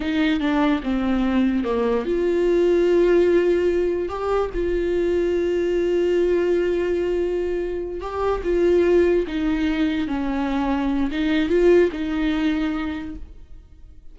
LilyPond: \new Staff \with { instrumentName = "viola" } { \time 4/4 \tempo 4 = 146 dis'4 d'4 c'2 | ais4 f'2.~ | f'2 g'4 f'4~ | f'1~ |
f'2.~ f'8 g'8~ | g'8 f'2 dis'4.~ | dis'8 cis'2~ cis'8 dis'4 | f'4 dis'2. | }